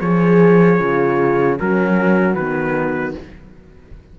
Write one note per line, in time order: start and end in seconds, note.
0.00 0.80 F3
0.00 0.79 G#4
0.00 1.60 G#4
0.00 1.58 C#5
0.79 1.59 C#3
0.79 1.58 F4
1.59 2.36 F#3
1.59 2.38 C#4
1.59 3.17 F#4
1.59 2.35 A#4
2.35 3.15 D#3
2.35 3.19 B3
2.35 3.14 B4